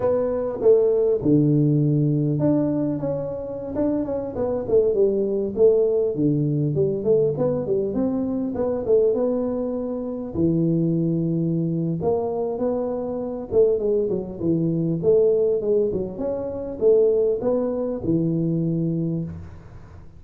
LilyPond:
\new Staff \with { instrumentName = "tuba" } { \time 4/4 \tempo 4 = 100 b4 a4 d2 | d'4 cis'4~ cis'16 d'8 cis'8 b8 a16~ | a16 g4 a4 d4 g8 a16~ | a16 b8 g8 c'4 b8 a8 b8.~ |
b4~ b16 e2~ e8. | ais4 b4. a8 gis8 fis8 | e4 a4 gis8 fis8 cis'4 | a4 b4 e2 | }